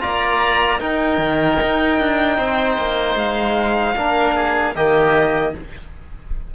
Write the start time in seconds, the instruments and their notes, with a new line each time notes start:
0.00 cello A#3, trombone F4, oboe D5, violin A#5
0.79 trombone D#4, cello D#4, oboe A#4, violin G5
1.18 cello D#3
1.62 cello D#4
2.00 cello D4
2.37 cello C4, oboe C5
2.78 cello A#3
3.15 cello G#3, violin F5
3.96 cello A#3, trombone D4, oboe A#4
4.35 oboe G#4
4.75 cello D#3, trombone A#3, oboe G4, violin D#5